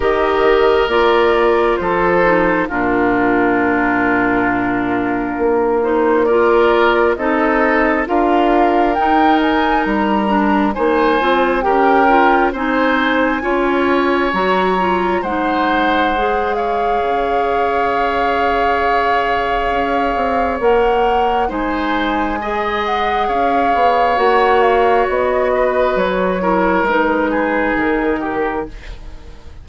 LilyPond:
<<
  \new Staff \with { instrumentName = "flute" } { \time 4/4 \tempo 4 = 67 dis''4 d''4 c''4 ais'4~ | ais'2~ ais'8 c''8 d''4 | dis''4 f''4 g''8 gis''8 ais''4 | gis''4 g''4 gis''2 |
ais''4 fis''4. f''4.~ | f''2. fis''4 | gis''4. fis''8 f''4 fis''8 f''8 | dis''4 cis''4 b'4 ais'4 | }
  \new Staff \with { instrumentName = "oboe" } { \time 4/4 ais'2 a'4 f'4~ | f'2. ais'4 | a'4 ais'2. | c''4 ais'4 c''4 cis''4~ |
cis''4 c''4. cis''4.~ | cis''1 | c''4 dis''4 cis''2~ | cis''8 b'4 ais'4 gis'4 g'8 | }
  \new Staff \with { instrumentName = "clarinet" } { \time 4/4 g'4 f'4. dis'8 d'4~ | d'2~ d'8 dis'8 f'4 | dis'4 f'4 dis'4. d'8 | dis'8 f'8 g'8 f'8 dis'4 f'4 |
fis'8 f'8 dis'4 gis'2~ | gis'2. ais'4 | dis'4 gis'2 fis'4~ | fis'4. e'8 dis'2 | }
  \new Staff \with { instrumentName = "bassoon" } { \time 4/4 dis4 ais4 f4 ais,4~ | ais,2 ais2 | c'4 d'4 dis'4 g4 | ais8 c'8 cis'4 c'4 cis'4 |
fis4 gis2 cis4~ | cis2 cis'8 c'8 ais4 | gis2 cis'8 b8 ais4 | b4 fis4 gis4 dis4 | }
>>